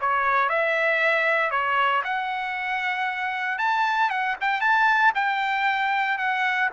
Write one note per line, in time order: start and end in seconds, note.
0.00 0.49 C#5
0.49 1.50 E5
1.50 2.02 C#5
2.04 3.58 F#5
3.58 4.10 A5
4.10 4.36 F#5
4.41 4.61 G5
4.61 5.12 A5
5.14 6.18 G5
6.18 6.69 F#5